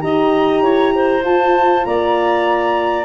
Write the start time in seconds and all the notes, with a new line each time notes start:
0.00 D#4 G4 D#5 A#5
0.62 E4 C#5
0.95 C5
1.24 F4 A5
1.85 A#3 D5 A#5